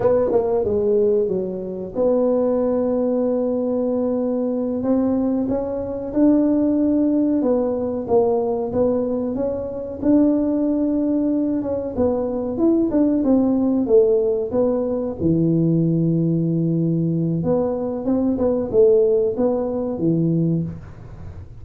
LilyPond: \new Staff \with { instrumentName = "tuba" } { \time 4/4 \tempo 4 = 93 b8 ais8 gis4 fis4 b4~ | b2.~ b8 c'8~ | c'8 cis'4 d'2 b8~ | b8 ais4 b4 cis'4 d'8~ |
d'2 cis'8 b4 e'8 | d'8 c'4 a4 b4 e8~ | e2. b4 | c'8 b8 a4 b4 e4 | }